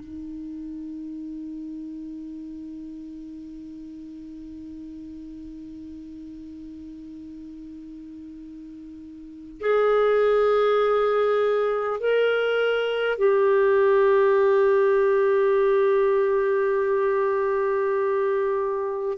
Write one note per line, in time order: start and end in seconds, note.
0.00 9.60 D#4
9.61 12.00 G#4
12.00 13.18 A#4
13.18 19.18 G4